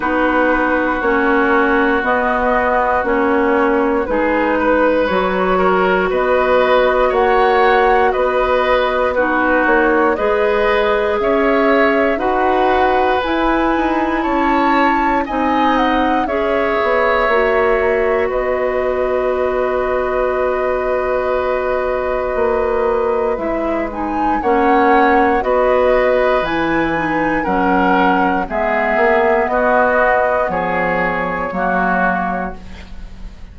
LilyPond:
<<
  \new Staff \with { instrumentName = "flute" } { \time 4/4 \tempo 4 = 59 b'4 cis''4 dis''4 cis''4 | b'4 cis''4 dis''4 fis''4 | dis''4 b'8 cis''8 dis''4 e''4 | fis''4 gis''4 a''4 gis''8 fis''8 |
e''2 dis''2~ | dis''2. e''8 gis''8 | fis''4 dis''4 gis''4 fis''4 | e''4 dis''4 cis''2 | }
  \new Staff \with { instrumentName = "oboe" } { \time 4/4 fis'1 | gis'8 b'4 ais'8 b'4 cis''4 | b'4 fis'4 b'4 cis''4 | b'2 cis''4 dis''4 |
cis''2 b'2~ | b'1 | cis''4 b'2 ais'4 | gis'4 fis'4 gis'4 fis'4 | }
  \new Staff \with { instrumentName = "clarinet" } { \time 4/4 dis'4 cis'4 b4 cis'4 | dis'4 fis'2.~ | fis'4 dis'4 gis'2 | fis'4 e'2 dis'4 |
gis'4 fis'2.~ | fis'2. e'8 dis'8 | cis'4 fis'4 e'8 dis'8 cis'4 | b2. ais4 | }
  \new Staff \with { instrumentName = "bassoon" } { \time 4/4 b4 ais4 b4 ais4 | gis4 fis4 b4 ais4 | b4. ais8 gis4 cis'4 | dis'4 e'8 dis'8 cis'4 c'4 |
cis'8 b8 ais4 b2~ | b2 ais4 gis4 | ais4 b4 e4 fis4 | gis8 ais8 b4 f4 fis4 | }
>>